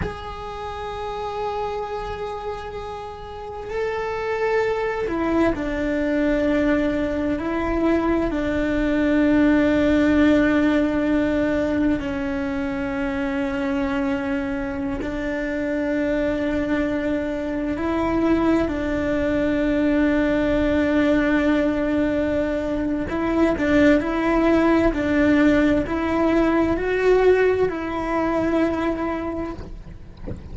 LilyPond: \new Staff \with { instrumentName = "cello" } { \time 4/4 \tempo 4 = 65 gis'1 | a'4. e'8 d'2 | e'4 d'2.~ | d'4 cis'2.~ |
cis'16 d'2. e'8.~ | e'16 d'2.~ d'8.~ | d'4 e'8 d'8 e'4 d'4 | e'4 fis'4 e'2 | }